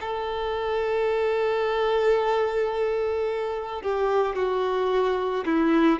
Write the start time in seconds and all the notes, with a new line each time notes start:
0.00 A4
3.82 G4
4.35 F#4
5.45 E4